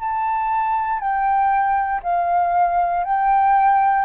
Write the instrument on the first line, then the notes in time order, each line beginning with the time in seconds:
flute
0.00 A5
0.99 G5
2.03 F5
3.04 G5